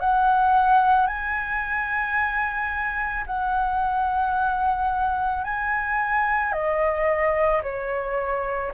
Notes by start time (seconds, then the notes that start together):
0.00 F#5
1.07 G#5
3.26 F#5
5.44 G#5
6.53 D#5
7.63 C#5